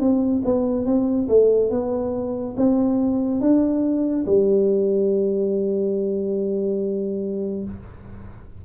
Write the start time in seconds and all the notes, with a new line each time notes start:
0.00 C4
0.45 B3
0.86 C4
1.29 A3
1.71 B3
2.57 C4
3.41 D4
4.26 G3